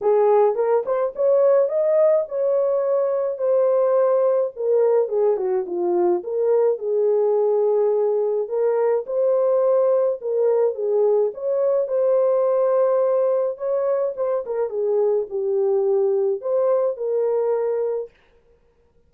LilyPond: \new Staff \with { instrumentName = "horn" } { \time 4/4 \tempo 4 = 106 gis'4 ais'8 c''8 cis''4 dis''4 | cis''2 c''2 | ais'4 gis'8 fis'8 f'4 ais'4 | gis'2. ais'4 |
c''2 ais'4 gis'4 | cis''4 c''2. | cis''4 c''8 ais'8 gis'4 g'4~ | g'4 c''4 ais'2 | }